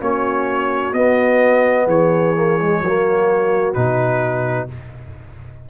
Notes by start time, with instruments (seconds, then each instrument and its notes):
0.00 tuba A#3, trombone C#4, horn F#4, trumpet C#5
0.93 tuba B3, trombone B3, trumpet D#5
1.86 tuba E3, horn G#4, trumpet C#5
2.35 trombone A#3
2.61 trombone G#3
2.80 tuba F#3, trombone A#3, horn F#4
3.73 tuba B2, trombone D#4, trumpet B4